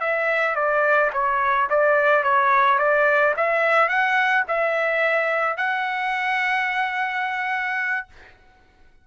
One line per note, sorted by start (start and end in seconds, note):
0.00 0.55 E5
0.55 1.11 D5
1.13 1.69 C#5
1.70 2.23 D5
2.23 2.79 C#5
2.79 3.34 D5
3.37 3.88 E5
3.88 4.44 F#5
4.48 5.57 E5
5.57 8.07 F#5